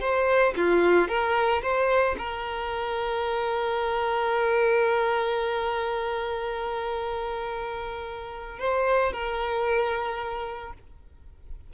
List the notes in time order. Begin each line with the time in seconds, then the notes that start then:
0.00 C5
0.56 F4
1.08 A#4
1.62 C5
2.18 A#4
8.59 C5
9.12 A#4